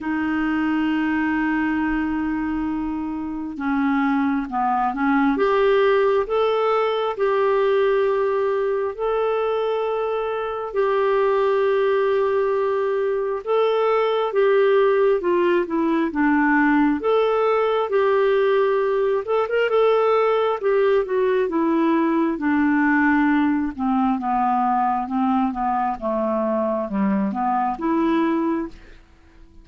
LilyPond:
\new Staff \with { instrumentName = "clarinet" } { \time 4/4 \tempo 4 = 67 dis'1 | cis'4 b8 cis'8 g'4 a'4 | g'2 a'2 | g'2. a'4 |
g'4 f'8 e'8 d'4 a'4 | g'4. a'16 ais'16 a'4 g'8 fis'8 | e'4 d'4. c'8 b4 | c'8 b8 a4 g8 b8 e'4 | }